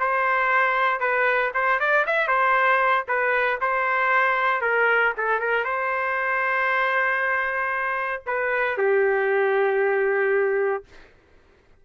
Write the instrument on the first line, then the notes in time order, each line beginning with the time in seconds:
trumpet
0.00 C5
1.01 B4
1.54 C5
1.80 D5
2.07 E5
2.28 C5
3.08 B4
3.61 C5
4.62 A#4
5.18 A4
5.40 A#4
5.65 C5
8.27 B4
8.78 G4